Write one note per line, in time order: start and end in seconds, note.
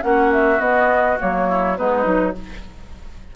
0.00 0.59 A#3
0.00 0.58 C#4
0.00 1.49 F#4
0.00 0.31 F#5
0.33 0.60 E5
0.59 1.17 B3
0.59 1.18 D#5
1.18 1.80 F#3
1.18 1.76 A#3
1.18 1.77 C#5
1.49 1.77 E4
1.77 2.05 G#3
1.77 2.04 B3
1.77 2.36 D#4
1.77 2.35 B4
2.04 2.34 F#3
2.04 2.33 D#4